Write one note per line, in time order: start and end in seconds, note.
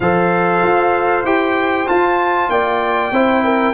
0.00 0.62 F3
0.00 1.25 A4
0.00 2.51 C5
0.00 1.25 F5
0.62 1.24 F4
1.24 1.86 E4
1.24 1.87 G4
1.24 1.88 G5
1.87 3.12 F4
1.87 2.49 F4
1.87 2.50 A5
2.49 3.11 A#3
2.49 3.13 D5
2.49 3.74 G5
3.11 3.73 C4
3.11 3.74 E4
3.11 3.44 C5
3.44 3.74 A#4